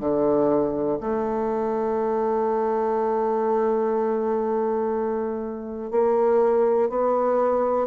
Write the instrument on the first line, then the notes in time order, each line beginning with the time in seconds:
bassoon
0.00 D3
1.00 A3
5.91 A#3
6.89 B3